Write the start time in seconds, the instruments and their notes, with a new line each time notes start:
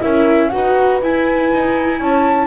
0.00 double bass C#4, viola E4, horn A#4, flute E5
0.49 double bass D#4, viola F#4, horn B4, flute F#5
1.02 viola E4, double bass E4, flute G#5
1.52 double bass D#4
2.00 double bass C#4, horn C#5, flute A5